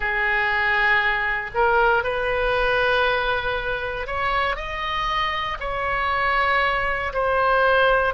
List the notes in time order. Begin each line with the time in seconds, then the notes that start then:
0.00 G#4
1.54 A#4
2.03 B4
4.06 C#5
4.55 D#5
5.60 C#5
7.13 C5